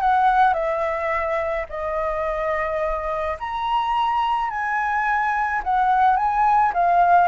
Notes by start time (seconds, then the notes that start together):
0.00 F#5
0.53 E5
1.69 D#5
3.39 A#5
4.50 G#5
5.63 F#5
6.16 G#5
6.73 F5